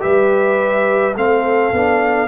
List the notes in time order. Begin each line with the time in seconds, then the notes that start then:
0.00 G3 G4 B4 E5
1.16 A3 C4 A4 F5
1.73 B3 D4